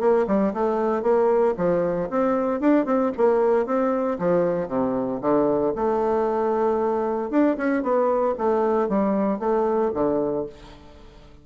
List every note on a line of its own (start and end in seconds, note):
0.00 0.26 A#3
0.27 0.53 G3
0.54 1.02 A3
1.02 1.55 A#3
1.57 2.09 F3
2.10 2.61 C4
2.61 2.86 D4
2.86 3.12 C4
3.18 3.66 A#3
3.66 4.18 C4
4.19 4.68 F3
4.68 5.21 C3
5.22 5.74 D3
5.76 7.30 A3
7.30 7.57 D4
7.57 7.83 C#4
7.83 8.35 B3
8.38 8.89 A3
8.89 9.40 G3
9.40 9.92 A3
9.94 10.46 D3